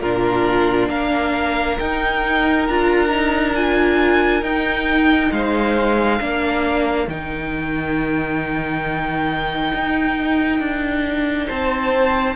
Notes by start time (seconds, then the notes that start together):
0.00 A#2 D4 F4 A#4
0.89 A#3 A#4 F5
1.78 D#4 G5
2.67 D4 F4 A#5
3.08 D#4
3.55 F4 G#5
4.42 D#4 G5
5.31 G#3 C5 F5
6.19 A#3 D4 A#4
7.07 D#3 D#4 G5
9.73 D#4
10.59 D4
11.47 C4 C5 A5